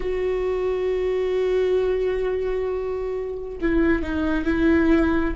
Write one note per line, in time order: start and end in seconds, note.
0.00 3.57 F#4
3.61 4.02 E4
4.02 4.45 D#4
4.45 5.34 E4